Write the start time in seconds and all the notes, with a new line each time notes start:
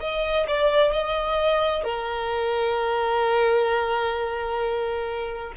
0.00 D#5
0.47 D5
0.92 D#5
1.84 A#4